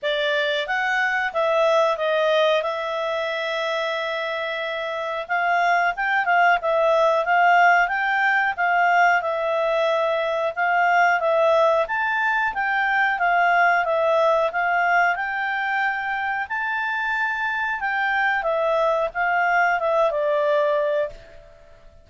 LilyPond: \new Staff \with { instrumentName = "clarinet" } { \time 4/4 \tempo 4 = 91 d''4 fis''4 e''4 dis''4 | e''1 | f''4 g''8 f''8 e''4 f''4 | g''4 f''4 e''2 |
f''4 e''4 a''4 g''4 | f''4 e''4 f''4 g''4~ | g''4 a''2 g''4 | e''4 f''4 e''8 d''4. | }